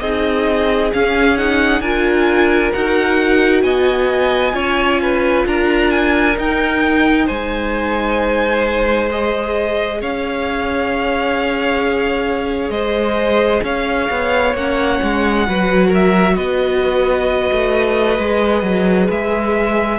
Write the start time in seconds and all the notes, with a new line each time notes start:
0.00 C4 D#4 G#4 D#5
0.93 C#4 F5
1.37 D#4 F#5
1.80 D4 F4 A#4 G#5
2.73 D#4 F#4 F#5
3.62 B3 D#5 G#5
4.52 C#4 F4 C#5
5.02 B4
5.46 D4 A#4 A#5
5.91 G#5
6.36 D#4 G5
7.25 G#3 C5 G#5
9.10 G#4 D#5
10.01 C#4 C#5 F5
12.70 G#3 C5 D#5
13.64 C#4 C#5 F5
14.10 B3
14.54 A#3 C#4 F#5
15.03 G#3
15.47 F#3 F#4 B4
15.88 A#4
15.94 E5
16.36 B3 B4 D#5
17.52 A3
18.19 G#3 G#4
18.62 F#3
19.10 G#3 E5